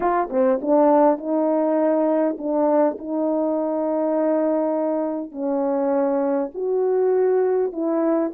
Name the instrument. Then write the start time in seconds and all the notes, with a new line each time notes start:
horn
0.00 F4
0.30 C4
0.61 D4
1.17 D#4
2.38 D4
2.98 D#4
5.31 C#4
6.54 F#4
7.72 E4